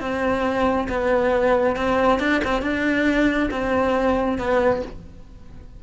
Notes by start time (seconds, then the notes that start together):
0.00 C4
0.89 B3
1.76 C4
2.19 D4
2.44 C4
2.62 D4
3.51 C4
4.38 B3